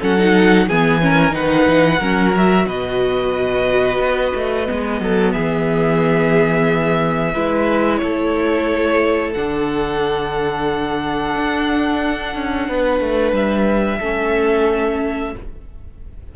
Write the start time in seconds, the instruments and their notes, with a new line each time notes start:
0.00 cello F#3, viola C#4, violin A4 F#5
0.18 viola D#4
0.67 cello E3, viola B3, violin G#4 G#5
1.02 viola C#4, violin A#4
1.31 cello D#3, viola D#4, violin B4 F#5
1.67 cello E3
2.00 cello F#3, viola C#4, violin A#4
2.35 viola F#4, violin E5
2.66 cello B2, violin B4 D#5
4.00 cello B3
4.35 cello A3
4.67 cello G#3, viola B3
5.01 cello F#3, violin A4
5.32 cello E3, violin G#4 E5
7.34 cello G#3, viola E4, violin B4
7.98 cello A3, violin A4 C#5
9.34 cello D3, viola D4, violin F#5
11.36 cello D4
12.35 cello C#4
12.69 cello B3, violin B4
13.00 cello A3
13.32 cello G3, violin E5
13.98 cello A3, viola C#4, violin A4